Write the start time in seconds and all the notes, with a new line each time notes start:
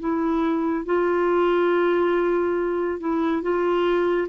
0.00 E4
0.86 F4
3.00 E4
3.42 F4